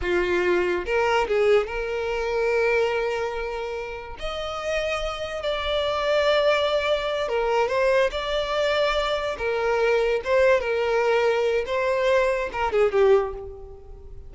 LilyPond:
\new Staff \with { instrumentName = "violin" } { \time 4/4 \tempo 4 = 144 f'2 ais'4 gis'4 | ais'1~ | ais'2 dis''2~ | dis''4 d''2.~ |
d''4. ais'4 c''4 d''8~ | d''2~ d''8 ais'4.~ | ais'8 c''4 ais'2~ ais'8 | c''2 ais'8 gis'8 g'4 | }